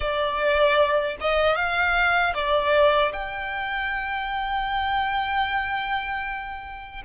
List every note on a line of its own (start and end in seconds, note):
0.00 1.16 D5
1.20 1.55 D#5
1.55 2.33 F5
2.34 3.12 D5
3.12 7.02 G5